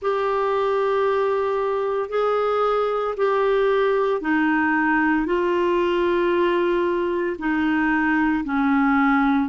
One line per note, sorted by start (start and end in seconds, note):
0.01 2.09 G4
2.09 3.14 G#4
3.16 4.21 G4
4.21 5.25 D#4
5.25 7.36 F4
7.38 8.44 D#4
8.44 9.49 C#4